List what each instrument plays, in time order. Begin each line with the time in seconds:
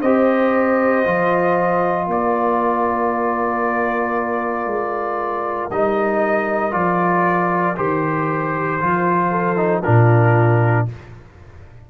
0.00 tuba C4, trombone G4, horn C5, trumpet D#5
1.05 tuba F3, trombone F4
2.06 tuba A#3, horn A#4, trumpet D5
4.66 tuba G#3
5.70 tuba G3, trombone D#4, trumpet D#5
6.71 tuba F3, trombone F4, trumpet D5
7.76 tuba D#3, trombone G4, trumpet C5
8.80 tuba F3, trombone F4
9.30 horn A4
9.56 trombone D#4
9.83 tuba A#2, trombone D4, horn F4, trumpet A#4